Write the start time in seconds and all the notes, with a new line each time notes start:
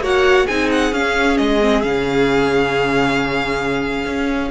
0.00 A#3 F#4 C#5 F#5
0.46 C4 D#4 G#4 G#5
0.72 F#5
0.92 C#4 F5
1.37 G#3 D#5
1.61 C4
1.82 C#3 C#4 F5
4.06 C#4